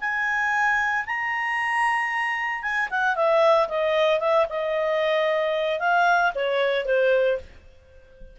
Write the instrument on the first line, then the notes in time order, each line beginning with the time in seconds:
clarinet
0.00 G#5
1.06 A#5
2.62 G#5
2.90 F#5
3.15 E5
3.68 D#5
4.20 E5
4.49 D#5
5.79 F5
6.35 C#5
6.85 C5